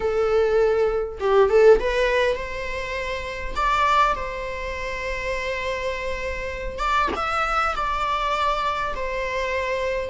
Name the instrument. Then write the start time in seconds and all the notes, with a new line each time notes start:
viola
0.00 A4
1.20 G4
1.49 A4
1.79 B4
2.35 C5
3.55 D5
4.14 C5
6.78 D5
7.16 E5
7.75 D5
8.95 C5